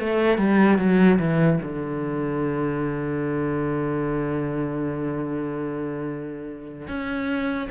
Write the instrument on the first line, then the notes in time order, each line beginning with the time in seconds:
cello
0.00 A3
0.38 G3
0.79 F#3
1.19 E3
1.63 D3
6.88 C#4